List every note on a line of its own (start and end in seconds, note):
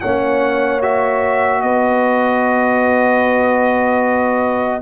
0.00 1.62 A#3
0.00 0.81 C#4
0.00 1.61 C#5
0.00 0.80 F#5
0.81 4.81 F#4
0.81 1.61 E5
1.61 4.81 B3
1.61 4.81 B4
1.61 4.81 D#5